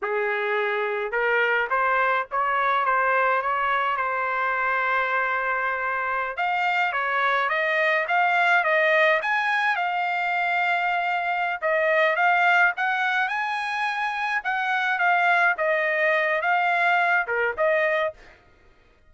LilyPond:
\new Staff \with { instrumentName = "trumpet" } { \time 4/4 \tempo 4 = 106 gis'2 ais'4 c''4 | cis''4 c''4 cis''4 c''4~ | c''2.~ c''16 f''8.~ | f''16 cis''4 dis''4 f''4 dis''8.~ |
dis''16 gis''4 f''2~ f''8.~ | f''8 dis''4 f''4 fis''4 gis''8~ | gis''4. fis''4 f''4 dis''8~ | dis''4 f''4. ais'8 dis''4 | }